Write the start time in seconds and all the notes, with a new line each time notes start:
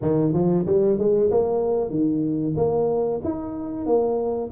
0.01 D#3
0.33 F3
0.66 G3
0.98 G#3
1.30 A#3
1.90 D#3
2.56 A#3
3.24 D#4
3.86 A#3